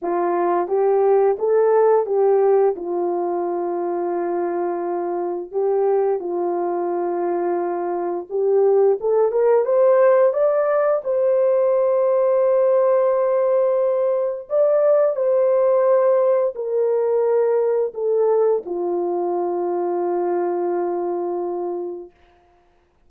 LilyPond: \new Staff \with { instrumentName = "horn" } { \time 4/4 \tempo 4 = 87 f'4 g'4 a'4 g'4 | f'1 | g'4 f'2. | g'4 a'8 ais'8 c''4 d''4 |
c''1~ | c''4 d''4 c''2 | ais'2 a'4 f'4~ | f'1 | }